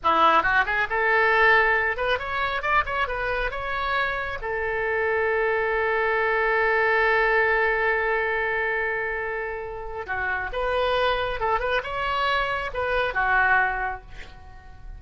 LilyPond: \new Staff \with { instrumentName = "oboe" } { \time 4/4 \tempo 4 = 137 e'4 fis'8 gis'8 a'2~ | a'8 b'8 cis''4 d''8 cis''8 b'4 | cis''2 a'2~ | a'1~ |
a'1~ | a'2. fis'4 | b'2 a'8 b'8 cis''4~ | cis''4 b'4 fis'2 | }